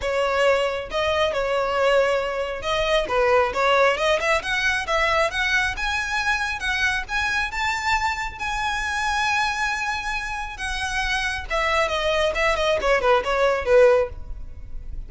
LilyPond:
\new Staff \with { instrumentName = "violin" } { \time 4/4 \tempo 4 = 136 cis''2 dis''4 cis''4~ | cis''2 dis''4 b'4 | cis''4 dis''8 e''8 fis''4 e''4 | fis''4 gis''2 fis''4 |
gis''4 a''2 gis''4~ | gis''1 | fis''2 e''4 dis''4 | e''8 dis''8 cis''8 b'8 cis''4 b'4 | }